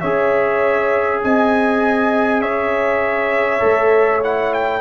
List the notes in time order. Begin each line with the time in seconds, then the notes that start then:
0.00 C#4 G#4 C#5 E5
1.24 C4 D#5 G#5
2.42 C#4 C#5 E5
3.60 A3 A4
4.24 E4 F#5
4.54 G5